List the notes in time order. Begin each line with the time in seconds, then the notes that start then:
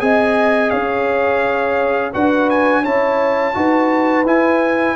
0.00 C4 G#4 D#5 G#5
0.70 C#4 C#5 F5
2.13 D4 F#4 B4 F#5
2.50 G#5
2.82 C#4 E4 C#5 A5
3.54 D#4 F#4 B4
4.24 E4 G#5